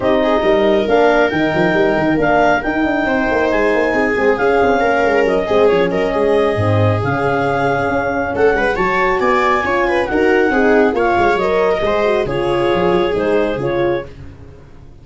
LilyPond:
<<
  \new Staff \with { instrumentName = "clarinet" } { \time 4/4 \tempo 4 = 137 dis''2 f''4 g''4~ | g''4 f''4 g''2 | gis''2 f''2 | dis''4 cis''8 dis''2~ dis''8 |
f''2. fis''4 | a''4 gis''2 fis''4~ | fis''4 f''4 dis''2 | cis''2 c''4 cis''4 | }
  \new Staff \with { instrumentName = "viola" } { \time 4/4 g'8 gis'8 ais'2.~ | ais'2. c''4~ | c''4 gis'2 ais'4~ | ais'8 gis'4 ais'8 gis'2~ |
gis'2. a'8 b'8 | cis''4 d''4 cis''8 b'8 ais'4 | gis'4 cis''4.~ cis''16 ais'16 c''4 | gis'1 | }
  \new Staff \with { instrumentName = "horn" } { \time 4/4 dis'2 d'4 dis'4~ | dis'4 d'4 dis'2~ | dis'4. c'8 cis'2~ | cis'8 c'8 cis'2 c'4 |
cis'1 | fis'2 f'4 fis'4 | dis'4 f'4 ais'4 gis'8 fis'8 | f'2 dis'4 f'4 | }
  \new Staff \with { instrumentName = "tuba" } { \time 4/4 c'4 g4 ais4 dis8 f8 | g8 dis8 ais4 dis'8 d'8 c'8 ais8 | gis8 ais8 c'8 gis8 cis'8 c'8 ais8 gis8 | fis8 gis8 f8 fis8 gis4 gis,4 |
cis2 cis'4 a8 gis8 | fis4 b4 cis'4 dis'4 | c'4 ais8 gis8 fis4 gis4 | cis4 f8 fis8 gis4 cis4 | }
>>